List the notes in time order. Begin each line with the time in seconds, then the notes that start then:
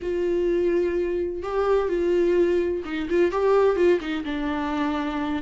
0.02 F4
1.42 G4
1.88 F4
2.84 D#4
3.09 F4
3.31 G4
3.76 F4
4.00 D#4
4.24 D4